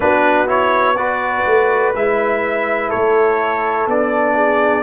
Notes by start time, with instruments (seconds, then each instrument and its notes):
0.00 tuba B3, trombone D4, horn F#4, trumpet B4
0.47 trombone E4, trumpet C#5
0.96 trombone F#4, horn B4, trumpet D5
1.45 tuba A3
1.94 tuba G#3, trombone E4, trumpet E5
2.89 tuba A3, horn A4, trumpet C#5
3.86 tuba B3, trombone D4, trumpet D5
4.34 horn G#4